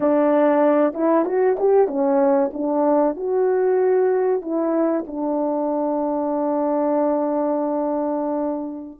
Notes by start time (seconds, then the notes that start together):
0.00 D4
0.93 E4
1.25 F#4
1.59 G4
1.87 C#4
2.53 D4
3.16 F#4
4.41 E4
5.07 D4